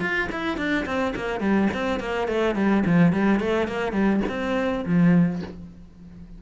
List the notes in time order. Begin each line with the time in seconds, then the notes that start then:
0.00 F4
0.32 E4
0.57 D4
0.86 C4
1.16 A#3
1.40 G3
1.74 C4
2.00 A#3
2.28 A3
2.55 G3
2.86 F3
3.12 G3
3.40 A3
3.68 A#3
3.92 G3
4.28 C4
4.85 F3